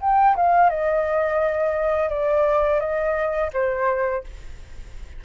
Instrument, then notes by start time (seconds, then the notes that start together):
flute
0.00 G5
0.36 F5
0.69 D#5
2.09 D5
2.80 D#5
3.53 C5